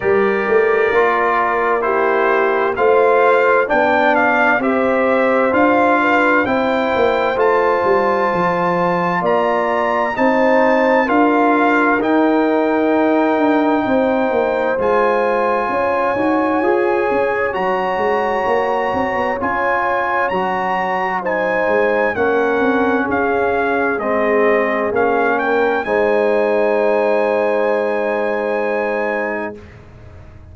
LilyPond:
<<
  \new Staff \with { instrumentName = "trumpet" } { \time 4/4 \tempo 4 = 65 d''2 c''4 f''4 | g''8 f''8 e''4 f''4 g''4 | a''2 ais''4 a''4 | f''4 g''2. |
gis''2. ais''4~ | ais''4 gis''4 ais''4 gis''4 | fis''4 f''4 dis''4 f''8 g''8 | gis''1 | }
  \new Staff \with { instrumentName = "horn" } { \time 4/4 ais'2 g'4 c''4 | d''4 c''4. b'8 c''4~ | c''2 d''4 c''4 | ais'2. c''4~ |
c''4 cis''2.~ | cis''2. c''4 | ais'4 gis'2~ gis'8 ais'8 | c''1 | }
  \new Staff \with { instrumentName = "trombone" } { \time 4/4 g'4 f'4 e'4 f'4 | d'4 g'4 f'4 e'4 | f'2. dis'4 | f'4 dis'2. |
f'4. fis'8 gis'4 fis'4~ | fis'4 f'4 fis'4 dis'4 | cis'2 c'4 cis'4 | dis'1 | }
  \new Staff \with { instrumentName = "tuba" } { \time 4/4 g8 a8 ais2 a4 | b4 c'4 d'4 c'8 ais8 | a8 g8 f4 ais4 c'4 | d'4 dis'4. d'8 c'8 ais8 |
gis4 cis'8 dis'8 f'8 cis'8 fis8 gis8 | ais8 c'16 b16 cis'4 fis4. gis8 | ais8 c'8 cis'4 gis4 ais4 | gis1 | }
>>